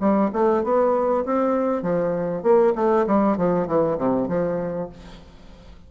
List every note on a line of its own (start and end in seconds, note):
0.00 0.31 G3
0.33 0.64 A3
0.64 1.25 B3
1.25 1.83 C4
1.83 2.43 F3
2.43 2.74 A#3
2.76 3.06 A3
3.07 3.38 G3
3.38 3.67 F3
3.67 3.98 E3
3.98 4.28 C3
4.28 4.90 F3